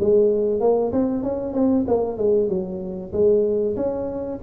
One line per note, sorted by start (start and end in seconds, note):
0.00 0.60 G#3
0.60 0.92 A#3
0.92 1.23 C4
1.23 1.53 C#4
1.53 1.85 C4
1.87 2.17 A#3
2.17 2.49 G#3
2.49 3.12 F#3
3.13 3.76 G#3
3.76 4.39 C#4